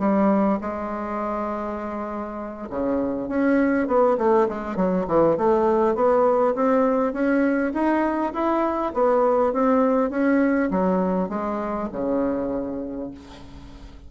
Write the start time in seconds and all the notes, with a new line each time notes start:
0.00 G3
0.61 G#3
2.70 C#3
3.29 C#4
3.88 B3
4.18 A3
4.49 G#3
4.77 F#3
5.08 E3
5.38 A3
5.96 B3
6.56 C4
7.13 C#4
7.74 D#4
8.34 E4
8.94 B3
9.53 C4
10.11 C#4
10.71 F#3
11.30 G#3
11.93 C#3